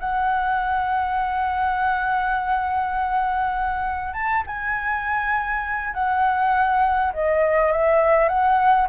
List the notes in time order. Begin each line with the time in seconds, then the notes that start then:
0.00 F#5
4.14 A5
4.47 G#5
5.94 F#5
7.14 D#5
7.72 E5
8.28 F#5